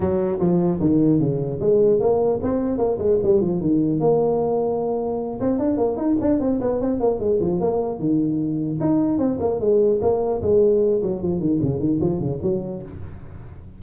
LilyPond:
\new Staff \with { instrumentName = "tuba" } { \time 4/4 \tempo 4 = 150 fis4 f4 dis4 cis4 | gis4 ais4 c'4 ais8 gis8 | g8 f8 dis4 ais2~ | ais4. c'8 d'8 ais8 dis'8 d'8 |
c'8 b8 c'8 ais8 gis8 f8 ais4 | dis2 dis'4 c'8 ais8 | gis4 ais4 gis4. fis8 | f8 dis8 cis8 dis8 f8 cis8 fis4 | }